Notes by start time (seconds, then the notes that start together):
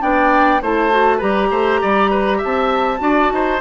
0.00 B3 D4 D5 G5
0.62 A3 E4 C5 A5
0.90 F#4
1.18 G3 G4 B4 A#5
1.51 A3 C5
1.82 G3 D5
2.11 B4
2.38 E5
2.44 C4 A5
2.98 D4 F#4 D5
3.32 D#4 C5